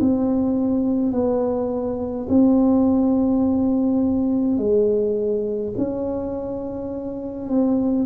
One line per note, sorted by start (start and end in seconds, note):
0.00 1.12 C4
1.12 2.27 B3
2.29 4.57 C4
4.57 5.73 G#3
5.77 7.49 C#4
7.49 8.06 C4